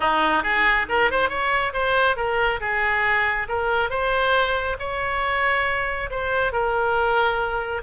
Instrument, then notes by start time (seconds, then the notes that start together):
oboe
0.00 D#4
0.43 G#4
0.89 A#4
1.10 C5
1.29 C#5
1.73 C5
2.16 A#4
2.60 G#4
3.48 A#4
3.89 C5
4.79 C#5
6.10 C5
6.52 A#4